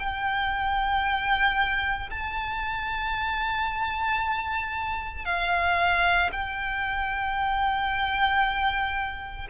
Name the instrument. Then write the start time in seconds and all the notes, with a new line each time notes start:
violin
0.00 G5
2.11 A5
5.25 F5
6.33 G5